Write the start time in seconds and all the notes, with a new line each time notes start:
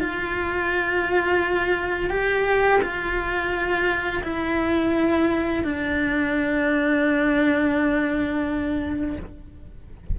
0.00 F4
2.10 G4
2.82 F4
4.24 E4
5.64 D4